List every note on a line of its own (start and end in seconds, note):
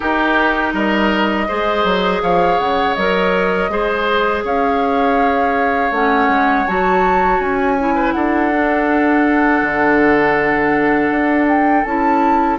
0.00 1.47 D#4
0.00 0.73 D#4
0.00 0.73 G4
0.00 0.74 A#4
0.73 1.47 G3
0.73 1.47 A#4
0.73 2.22 D#5
1.48 1.84 G#3
1.48 2.96 G#4
1.48 2.22 C5
1.84 2.21 F#3
2.22 2.59 F3
2.22 3.71 C#5
2.22 2.59 F5
2.59 2.96 C#3
2.59 2.94 F#5
2.94 3.69 F#3
2.94 3.70 A#4
2.94 4.42 D#5
3.69 4.43 G#3
3.69 5.92 G#4
3.69 4.44 C5
4.44 5.91 C#4
4.44 7.95 C#5
4.44 5.93 F5
5.91 6.28 A3
5.91 6.66 C#4
5.91 6.67 F#5
6.28 6.65 G#3
6.67 7.39 F#3
6.67 7.78 F#4
6.67 7.41 A5
7.39 8.13 C#4
7.39 8.12 G#5
7.79 8.52 E4
7.95 8.13 B4
8.12 9.62 D4
8.12 12.59 A4
8.12 11.45 F#5
8.52 11.85 D4
9.62 11.10 D3
11.10 11.84 D4
11.48 11.83 G5
11.83 12.59 C#4
11.83 12.59 E4
11.83 12.58 A5